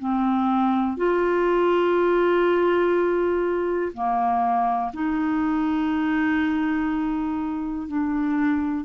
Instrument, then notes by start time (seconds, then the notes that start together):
clarinet
0.00 C4
0.97 F4
3.94 A#3
4.94 D#4
7.88 D4